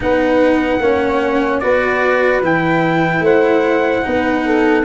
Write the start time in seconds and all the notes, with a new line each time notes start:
0.00 B3 D#4 B4 F#5
0.79 A#3 C#4 C#5
1.59 B3 F#4 B4 D5
2.41 E3 E4 G5
3.20 A3 C5 F#5
4.02 B3 D#4 B4
4.46 A4